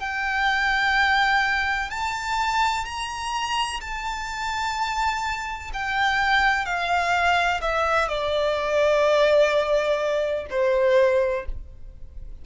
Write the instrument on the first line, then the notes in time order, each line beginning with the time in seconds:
violin
0.00 G5
1.90 A5
2.85 A#5
3.81 A5
5.74 G5
6.65 F5
7.61 E5
8.09 D5
10.51 C5